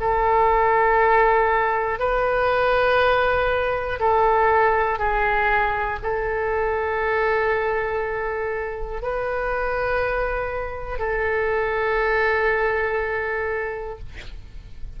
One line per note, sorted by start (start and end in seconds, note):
0.00 1.99 A4
1.99 3.99 B4
3.99 4.98 A4
4.98 5.98 G#4
6.03 9.01 A4
9.01 10.99 B4
10.99 13.99 A4